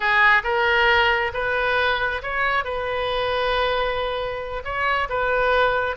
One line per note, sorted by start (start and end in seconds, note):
0.00 0.42 G#4
0.43 1.32 A#4
1.33 2.22 B4
2.22 2.64 C#5
2.64 4.63 B4
4.64 5.08 C#5
5.09 5.96 B4